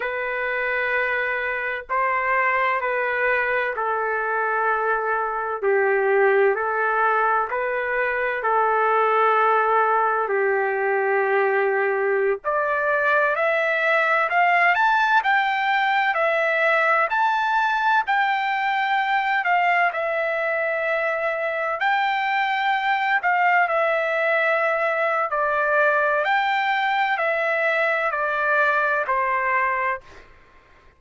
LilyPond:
\new Staff \with { instrumentName = "trumpet" } { \time 4/4 \tempo 4 = 64 b'2 c''4 b'4 | a'2 g'4 a'4 | b'4 a'2 g'4~ | g'4~ g'16 d''4 e''4 f''8 a''16~ |
a''16 g''4 e''4 a''4 g''8.~ | g''8. f''8 e''2 g''8.~ | g''8. f''8 e''4.~ e''16 d''4 | g''4 e''4 d''4 c''4 | }